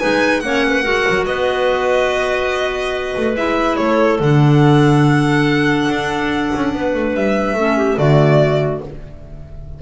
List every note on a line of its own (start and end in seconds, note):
0.00 0.43 G#3
0.00 0.42 D#4
0.00 0.42 B4
0.00 0.41 G#5
0.41 0.85 A#3
0.41 0.84 C#4
0.41 0.66 C#5
0.41 1.25 F#5
0.69 0.84 B4
0.84 1.06 G#3
0.84 3.36 F#4
0.84 1.26 A#4
1.10 1.27 F#3
1.26 3.16 B3
1.26 3.79 B4
1.26 3.36 D#5
3.17 3.36 A3
3.36 3.78 G#3
3.36 4.20 E4
3.36 3.77 E5
3.77 4.20 A3
3.77 6.74 A4
3.77 4.19 C#5
4.20 5.88 D3
4.20 7.57 D4
4.20 7.16 F#5
5.90 6.53 D4
6.56 6.74 C#4
6.74 6.95 B3
6.74 7.58 B4
6.95 7.15 A3
7.15 7.54 G3
7.15 7.98 E5
7.54 7.96 A3
7.54 7.98 C#4
7.54 7.78 A4
7.78 7.98 G4
7.98 8.82 D3
7.98 8.82 A3
7.98 8.82 F#4
7.98 8.82 D5